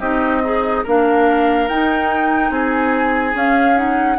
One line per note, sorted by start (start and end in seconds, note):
0.00 0.83 C4
0.00 0.43 D#4
0.00 0.42 G4
0.00 0.84 D#5
0.43 0.84 D#4
0.43 0.85 G#4
0.84 1.68 A#3
0.84 1.69 D4
0.84 2.50 A#4
0.84 1.68 F5
1.68 2.50 D#4
1.68 3.34 D#4
1.68 2.51 G5
2.50 3.34 C4
2.50 4.18 G#4
2.50 3.36 G#5
3.34 3.75 C#4
3.34 4.18 C#4
3.34 3.78 F5
3.76 4.17 D#4
3.76 4.18 F#5